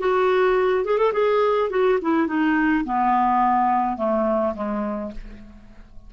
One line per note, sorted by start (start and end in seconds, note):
0.00 0.85 F#4
0.85 0.99 G#4
0.99 1.13 A4
1.14 1.71 G#4
1.71 1.99 F#4
2.02 2.28 E4
2.28 2.85 D#4
2.85 3.97 B3
3.97 4.55 A3
4.55 5.12 G#3